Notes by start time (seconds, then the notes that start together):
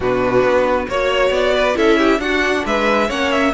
0.00 B2 D4 F#4 B4
0.43 B3
0.88 A#3 F#4 C#5
1.30 B3 D5
1.54 B4
1.75 C#4 E4 A4 E5
1.97 G4
2.19 D4 F#4 F#5
2.65 G#3 B4 E5
3.07 A#3 C#4 C#5 F#5
3.31 E5